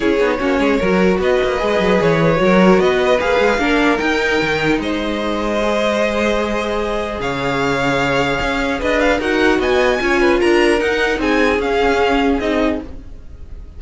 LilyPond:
<<
  \new Staff \with { instrumentName = "violin" } { \time 4/4 \tempo 4 = 150 cis''2. dis''4~ | dis''4 cis''2 dis''4 | f''2 g''2 | dis''1~ |
dis''2 f''2~ | f''2 dis''8 f''8 fis''4 | gis''2 ais''4 fis''4 | gis''4 f''2 dis''4 | }
  \new Staff \with { instrumentName = "violin" } { \time 4/4 gis'4 fis'8 gis'8 ais'4 b'4~ | b'2 ais'4 b'4~ | b'4 ais'2. | c''1~ |
c''2 cis''2~ | cis''2 b'4 ais'4 | dis''4 cis''8 b'8 ais'2 | gis'1 | }
  \new Staff \with { instrumentName = "viola" } { \time 4/4 e'8 dis'8 cis'4 fis'2 | gis'2 fis'2 | gis'4 d'4 dis'2~ | dis'2 gis'2~ |
gis'1~ | gis'2. fis'4~ | fis'4 f'2 dis'4~ | dis'4 cis'2 dis'4 | }
  \new Staff \with { instrumentName = "cello" } { \time 4/4 cis'8 b8 ais8 gis8 fis4 b8 ais8 | gis8 fis8 e4 fis4 b4 | ais8 gis8 ais4 dis'4 dis4 | gis1~ |
gis2 cis2~ | cis4 cis'4 d'4 dis'4 | b4 cis'4 d'4 dis'4 | c'4 cis'2 c'4 | }
>>